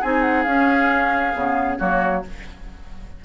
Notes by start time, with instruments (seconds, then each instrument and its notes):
0.00 bassoon C4, clarinet D#4, oboe G#4, flute G#5
0.22 flute F#5
0.43 bassoon C#4, clarinet C#4, flute F5
1.35 bassoon C#3, clarinet B3
1.78 bassoon F#3, clarinet A#3, oboe F#4, flute C#5